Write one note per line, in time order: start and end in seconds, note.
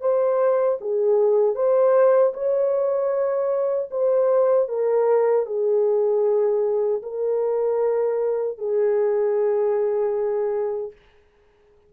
0.00 0.78 C5
0.80 1.55 G#4
1.55 2.33 C5
2.33 3.89 C#5
3.91 4.68 C5
4.68 5.46 A#4
5.46 7.02 G#4
7.02 8.58 A#4
8.58 10.92 G#4